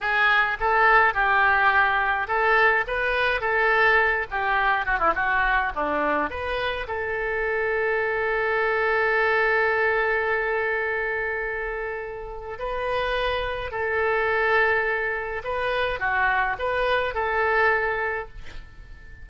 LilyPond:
\new Staff \with { instrumentName = "oboe" } { \time 4/4 \tempo 4 = 105 gis'4 a'4 g'2 | a'4 b'4 a'4. g'8~ | g'8 fis'16 e'16 fis'4 d'4 b'4 | a'1~ |
a'1~ | a'2 b'2 | a'2. b'4 | fis'4 b'4 a'2 | }